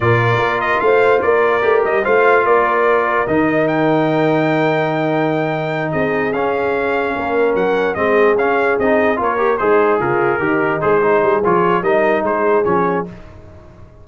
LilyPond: <<
  \new Staff \with { instrumentName = "trumpet" } { \time 4/4 \tempo 4 = 147 d''4. dis''8 f''4 d''4~ | d''8 dis''8 f''4 d''2 | dis''4 g''2.~ | g''2~ g''8 dis''4 f''8~ |
f''2~ f''8 fis''4 dis''8~ | dis''8 f''4 dis''4 cis''4 c''8~ | c''8 ais'2 c''4. | cis''4 dis''4 c''4 cis''4 | }
  \new Staff \with { instrumentName = "horn" } { \time 4/4 ais'2 c''4 ais'4~ | ais'4 c''4 ais'2~ | ais'1~ | ais'2~ ais'8 gis'4.~ |
gis'4. ais'2 gis'8~ | gis'2~ gis'8 ais'4 dis'8~ | dis'8 f'4 dis'4. gis'4~ | gis'4 ais'4 gis'2 | }
  \new Staff \with { instrumentName = "trombone" } { \time 4/4 f'1 | g'4 f'2. | dis'1~ | dis'2.~ dis'8 cis'8~ |
cis'2.~ cis'8 c'8~ | c'8 cis'4 dis'4 f'8 g'8 gis'8~ | gis'4. g'4 gis'8 dis'4 | f'4 dis'2 cis'4 | }
  \new Staff \with { instrumentName = "tuba" } { \time 4/4 ais,4 ais4 a4 ais4 | a8 g8 a4 ais2 | dis1~ | dis2~ dis8 c'4 cis'8~ |
cis'4. ais4 fis4 gis8~ | gis8 cis'4 c'4 ais4 gis8~ | gis8 cis4 dis4 gis4 g8 | f4 g4 gis4 f4 | }
>>